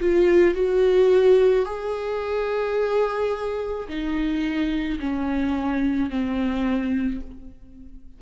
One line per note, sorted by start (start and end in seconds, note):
0.00 0.55 F4
0.55 1.65 F#4
1.65 3.87 G#4
3.88 4.99 D#4
4.99 6.10 C#4
6.10 7.21 C4